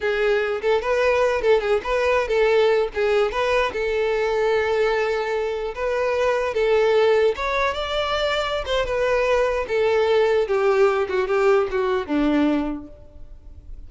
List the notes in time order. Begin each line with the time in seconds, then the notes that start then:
0.01 G#4
0.61 A4
0.81 B4
1.41 A4
1.61 G#4
1.83 B4
2.28 A4
2.94 G#4
3.31 B4
3.72 A4
5.75 B4
6.54 A4
7.36 C#5
7.74 D5
8.65 C5
8.85 B4
9.68 A4
10.47 G4
11.08 F#4
11.27 G4
11.70 F#4
12.06 D4